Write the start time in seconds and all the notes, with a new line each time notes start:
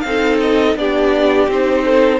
0.00 C4 D#4 F5
0.06 A4
0.41 D#5
0.75 B3 D4 G4 D5
1.48 C4 D#4 C5
1.84 A4